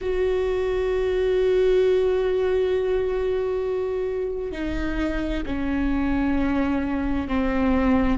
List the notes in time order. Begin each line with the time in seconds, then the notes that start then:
0.01 F#4
4.52 D#4
5.45 C#4
7.28 C4